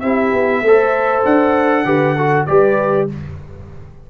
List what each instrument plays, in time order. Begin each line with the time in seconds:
0.00 tuba C4, trombone E4, horn G4, trumpet E5
0.33 tuba B3
0.62 tuba A3, trombone A4, horn C5
1.25 tuba D4, trumpet F#5
1.85 tuba D3, trombone G4, horn B4
2.16 trombone F#4, horn A4
2.46 tuba G3, trombone G4, horn B4, trumpet D5